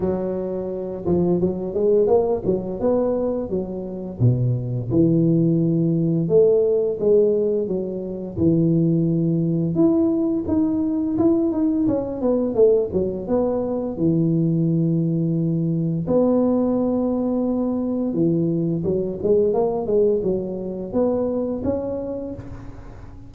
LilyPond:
\new Staff \with { instrumentName = "tuba" } { \time 4/4 \tempo 4 = 86 fis4. f8 fis8 gis8 ais8 fis8 | b4 fis4 b,4 e4~ | e4 a4 gis4 fis4 | e2 e'4 dis'4 |
e'8 dis'8 cis'8 b8 a8 fis8 b4 | e2. b4~ | b2 e4 fis8 gis8 | ais8 gis8 fis4 b4 cis'4 | }